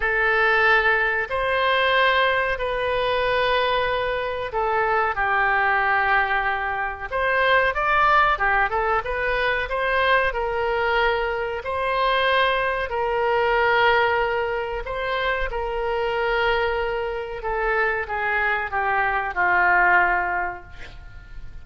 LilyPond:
\new Staff \with { instrumentName = "oboe" } { \time 4/4 \tempo 4 = 93 a'2 c''2 | b'2. a'4 | g'2. c''4 | d''4 g'8 a'8 b'4 c''4 |
ais'2 c''2 | ais'2. c''4 | ais'2. a'4 | gis'4 g'4 f'2 | }